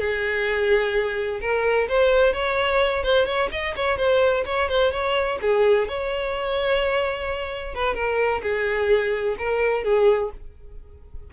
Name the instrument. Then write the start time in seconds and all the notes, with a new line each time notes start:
violin
0.00 G#4
1.41 A#4
1.89 C5
2.33 C#5
3.04 C5
3.26 C#5
3.52 D#5
3.76 C#5
3.98 C5
4.46 C#5
4.69 C5
4.92 C#5
5.42 G#4
5.88 C#5
7.75 B4
7.95 A#4
8.43 G#4
9.39 A#4
9.84 G#4